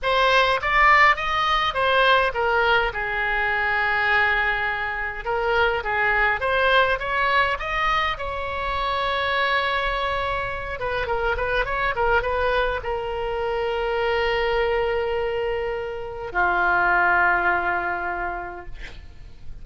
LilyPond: \new Staff \with { instrumentName = "oboe" } { \time 4/4 \tempo 4 = 103 c''4 d''4 dis''4 c''4 | ais'4 gis'2.~ | gis'4 ais'4 gis'4 c''4 | cis''4 dis''4 cis''2~ |
cis''2~ cis''8 b'8 ais'8 b'8 | cis''8 ais'8 b'4 ais'2~ | ais'1 | f'1 | }